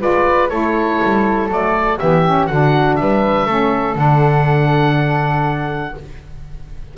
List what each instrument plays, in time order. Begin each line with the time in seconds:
0.00 double bass G#3, saxophone F4, flute B4, oboe D5
0.50 double bass A3, saxophone E4, flute A4, oboe C#5
1.03 double bass G3
1.49 double bass F#3, saxophone A3, oboe D5
1.99 double bass E3, saxophone B3, flute G4, oboe E5
2.25 saxophone C#4
2.47 double bass D3, saxophone D4, flute F#4, oboe F#5
2.96 double bass G3, flute B4, oboe E5
3.46 double bass A3, saxophone C#4, flute A4
3.96 double bass D3, saxophone D4, oboe F#5